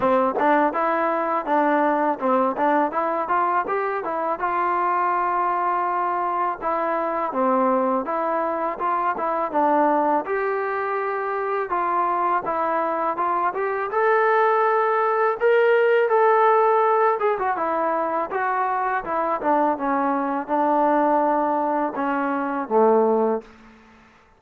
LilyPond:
\new Staff \with { instrumentName = "trombone" } { \time 4/4 \tempo 4 = 82 c'8 d'8 e'4 d'4 c'8 d'8 | e'8 f'8 g'8 e'8 f'2~ | f'4 e'4 c'4 e'4 | f'8 e'8 d'4 g'2 |
f'4 e'4 f'8 g'8 a'4~ | a'4 ais'4 a'4. gis'16 fis'16 | e'4 fis'4 e'8 d'8 cis'4 | d'2 cis'4 a4 | }